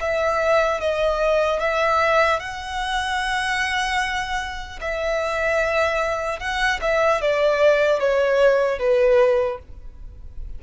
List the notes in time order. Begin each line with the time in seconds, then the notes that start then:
0.00 E5
0.80 D#5
1.59 E5
2.39 F#5
4.80 E5
6.39 F#5
6.81 E5
7.21 D5
7.99 C#5
8.78 B4